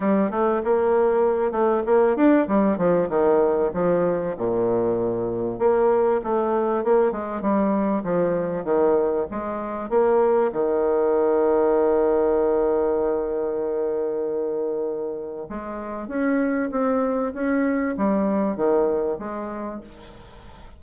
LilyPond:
\new Staff \with { instrumentName = "bassoon" } { \time 4/4 \tempo 4 = 97 g8 a8 ais4. a8 ais8 d'8 | g8 f8 dis4 f4 ais,4~ | ais,4 ais4 a4 ais8 gis8 | g4 f4 dis4 gis4 |
ais4 dis2.~ | dis1~ | dis4 gis4 cis'4 c'4 | cis'4 g4 dis4 gis4 | }